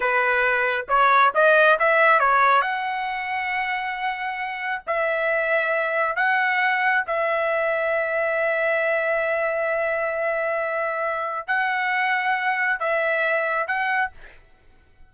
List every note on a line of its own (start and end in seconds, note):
0.00 0.85 B4
0.88 1.32 C#5
1.34 1.78 D#5
1.79 2.19 E5
2.19 2.61 C#5
2.61 4.82 F#5
4.86 6.16 E5
6.16 7.04 F#5
7.06 11.47 E5
11.47 12.79 F#5
12.79 13.67 E5
13.67 14.11 F#5